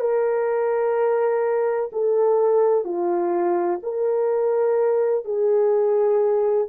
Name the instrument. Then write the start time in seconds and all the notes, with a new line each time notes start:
horn
0.00 A#4
1.93 A4
2.85 F4
3.83 A#4
5.25 G#4